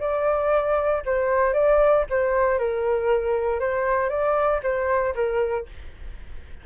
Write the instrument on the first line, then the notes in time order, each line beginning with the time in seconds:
flute
0.00 D5
1.06 C5
1.53 D5
2.10 C5
2.59 A#4
3.60 C5
4.10 D5
4.63 C5
5.15 A#4